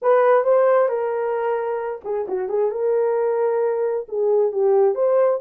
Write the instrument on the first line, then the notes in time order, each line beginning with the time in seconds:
horn
0.02 B4
0.44 C5
0.88 A#4
2.04 G#4
2.28 F#4
2.48 G#4
2.71 A#4
4.08 G#4
4.52 G4
4.94 C5